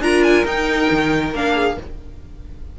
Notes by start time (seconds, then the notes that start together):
0.00 D4 F4 A#4 A#5
0.23 G#5
0.45 D#4 G5
0.91 D#3
1.34 A#3 D4 F5
1.54 G#4